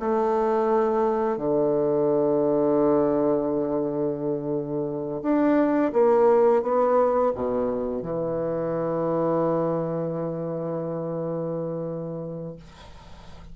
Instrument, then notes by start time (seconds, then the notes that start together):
bassoon
0.00 A3
1.38 D3
5.23 D4
5.93 A#3
6.63 B3
7.35 B2
8.03 E3